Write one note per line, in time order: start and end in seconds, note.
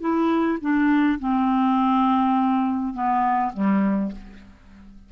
0.00 0.58 E4
0.61 1.19 D4
1.19 2.94 C4
2.94 3.52 B3
3.53 4.12 G3